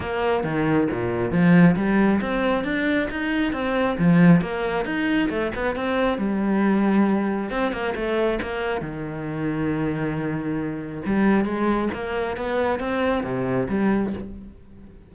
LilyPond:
\new Staff \with { instrumentName = "cello" } { \time 4/4 \tempo 4 = 136 ais4 dis4 ais,4 f4 | g4 c'4 d'4 dis'4 | c'4 f4 ais4 dis'4 | a8 b8 c'4 g2~ |
g4 c'8 ais8 a4 ais4 | dis1~ | dis4 g4 gis4 ais4 | b4 c'4 c4 g4 | }